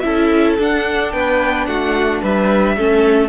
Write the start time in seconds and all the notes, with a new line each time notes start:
0.00 C#4 E4 A4 E5
0.59 D4 F#5
1.12 B3 B4 G5
1.66 A3 F#4 F#5
2.22 G3 B4 E5
2.77 A3 C#4 A4